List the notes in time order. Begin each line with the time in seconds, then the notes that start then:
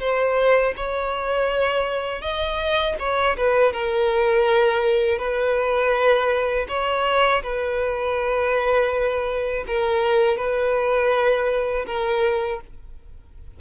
0.00 C5
0.76 C#5
2.22 D#5
3.00 C#5
3.37 B4
3.73 A#4
5.19 B4
6.68 C#5
7.43 B4
9.67 A#4
10.37 B4
11.87 A#4